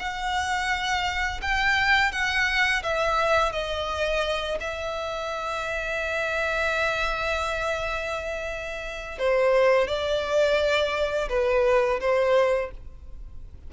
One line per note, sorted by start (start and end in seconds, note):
0.00 1.41 F#5
1.42 2.12 G5
2.12 2.83 F#5
2.83 3.53 E5
3.53 4.59 D#5
4.60 9.19 E5
9.19 9.88 C5
9.88 11.29 D5
11.29 12.00 B4
12.01 12.71 C5